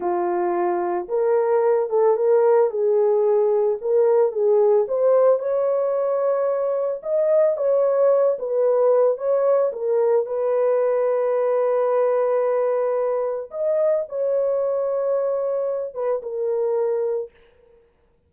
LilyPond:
\new Staff \with { instrumentName = "horn" } { \time 4/4 \tempo 4 = 111 f'2 ais'4. a'8 | ais'4 gis'2 ais'4 | gis'4 c''4 cis''2~ | cis''4 dis''4 cis''4. b'8~ |
b'4 cis''4 ais'4 b'4~ | b'1~ | b'4 dis''4 cis''2~ | cis''4. b'8 ais'2 | }